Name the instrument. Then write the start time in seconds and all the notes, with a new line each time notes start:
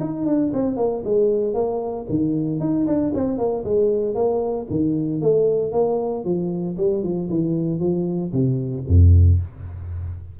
tuba
0.00 D#4
0.26 D4
0.53 C4
0.76 A#3
1.04 G#3
1.54 A#3
2.09 D#3
2.60 D#4
2.86 D4
3.14 C4
3.38 A#3
3.64 G#3
4.15 A#3
4.70 D#3
5.21 A3
5.72 A#3
6.24 F3
6.77 G3
7.03 F3
7.29 E3
7.80 F3
8.32 C3
8.87 F2